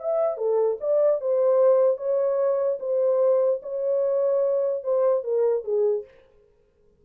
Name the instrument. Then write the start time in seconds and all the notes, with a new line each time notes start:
horn
0.00 E5
0.38 A4
0.81 D5
1.21 C5
1.98 C#5
2.80 C5
3.63 C#5
4.84 C5
5.24 A#4
5.64 G#4